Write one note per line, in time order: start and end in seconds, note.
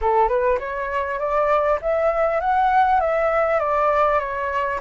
0.01 0.28 A4
0.28 0.58 B4
0.59 1.19 C#5
1.19 1.79 D5
1.81 2.40 E5
2.40 3.00 F#5
3.00 3.59 E5
3.59 4.19 D5
4.19 4.79 C#5